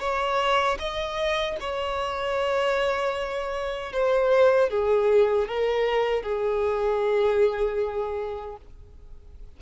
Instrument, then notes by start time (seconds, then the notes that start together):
violin
0.00 C#5
0.79 D#5
1.60 C#5
3.92 C5
4.70 G#4
5.48 A#4
6.23 G#4